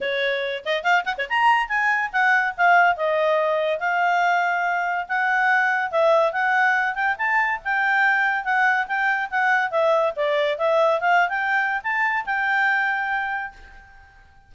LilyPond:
\new Staff \with { instrumentName = "clarinet" } { \time 4/4 \tempo 4 = 142 cis''4. dis''8 f''8 fis''16 cis''16 ais''4 | gis''4 fis''4 f''4 dis''4~ | dis''4 f''2. | fis''2 e''4 fis''4~ |
fis''8 g''8 a''4 g''2 | fis''4 g''4 fis''4 e''4 | d''4 e''4 f''8. g''4~ g''16 | a''4 g''2. | }